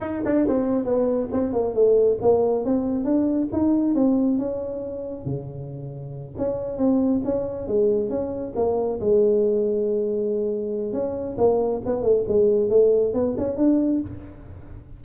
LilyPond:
\new Staff \with { instrumentName = "tuba" } { \time 4/4 \tempo 4 = 137 dis'8 d'8 c'4 b4 c'8 ais8 | a4 ais4 c'4 d'4 | dis'4 c'4 cis'2 | cis2~ cis8 cis'4 c'8~ |
c'8 cis'4 gis4 cis'4 ais8~ | ais8 gis2.~ gis8~ | gis4 cis'4 ais4 b8 a8 | gis4 a4 b8 cis'8 d'4 | }